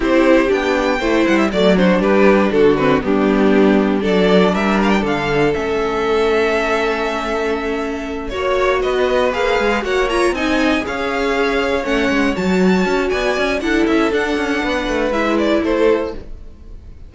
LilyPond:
<<
  \new Staff \with { instrumentName = "violin" } { \time 4/4 \tempo 4 = 119 c''4 g''4. fis''16 e''16 d''8 c''8 | b'4 a'8 b'8 g'2 | d''4 e''8 f''16 g''16 f''4 e''4~ | e''1~ |
e''8 cis''4 dis''4 f''4 fis''8 | ais''8 gis''4 f''2 fis''8~ | fis''8 a''4. gis''4 fis''8 e''8 | fis''2 e''8 d''8 c''4 | }
  \new Staff \with { instrumentName = "violin" } { \time 4/4 g'2 c''4 d''8 fis'8 | g'4 fis'4 d'2 | a'4 ais'4 a'2~ | a'1~ |
a'8 cis''4 b'2 cis''8~ | cis''8 dis''4 cis''2~ cis''8~ | cis''2 d''4 a'4~ | a'4 b'2 a'4 | }
  \new Staff \with { instrumentName = "viola" } { \time 4/4 e'4 d'4 e'4 a8 d'8~ | d'4. c'8 b2 | d'2. cis'4~ | cis'1~ |
cis'8 fis'2 gis'4 fis'8 | f'8 dis'4 gis'2 cis'8~ | cis'8 fis'2~ fis'8 e'4 | d'2 e'2 | }
  \new Staff \with { instrumentName = "cello" } { \time 4/4 c'4 b4 a8 g8 fis4 | g4 d4 g2 | fis4 g4 d4 a4~ | a1~ |
a8 ais4 b4 ais8 gis8 ais8~ | ais8 c'4 cis'2 a8 | gis8 fis4 cis'8 b8 cis'8 d'8 cis'8 | d'8 cis'8 b8 a8 gis4 a4 | }
>>